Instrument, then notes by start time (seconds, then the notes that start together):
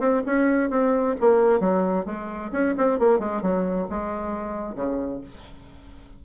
bassoon
0.00 C4
0.26 C#4
0.70 C4
1.20 A#3
1.60 F#3
2.06 G#3
2.52 C#4
2.78 C4
2.99 A#3
3.19 G#3
3.42 F#3
3.89 G#3
4.75 C#3